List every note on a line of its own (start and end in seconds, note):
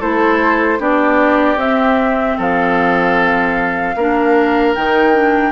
0.00 0.79 A3
0.00 0.79 E4
0.00 0.79 A4
0.00 0.81 C5
0.79 1.56 B3
0.79 1.58 D4
0.79 2.37 G4
0.79 1.59 D5
1.56 2.35 C4
1.56 3.95 C4
1.56 2.38 E5
2.38 3.96 F3
2.38 3.96 A4
2.38 4.75 F5
3.96 4.75 A#3
3.96 4.76 D4
3.96 5.52 A#4
4.75 5.52 D#3
4.75 5.14 D#4
4.75 5.52 G5
5.14 5.52 D4